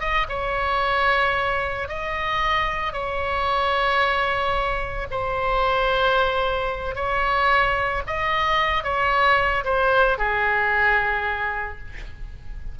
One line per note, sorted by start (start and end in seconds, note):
0.00 0.27 D#5
0.29 1.88 C#5
1.88 2.93 D#5
2.93 5.07 C#5
5.10 6.95 C5
6.95 8.02 C#5
8.07 8.83 D#5
8.83 9.64 C#5
9.64 10.18 C5
10.18 11.79 G#4